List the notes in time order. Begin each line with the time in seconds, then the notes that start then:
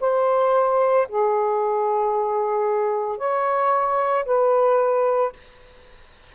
0.00 C5
1.08 G#4
3.18 C#5
4.25 B4